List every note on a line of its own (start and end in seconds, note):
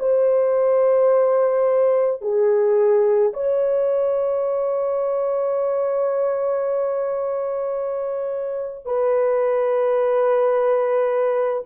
0.00 2.22 C5
2.22 3.33 G#4
3.34 8.86 C#5
8.86 11.64 B4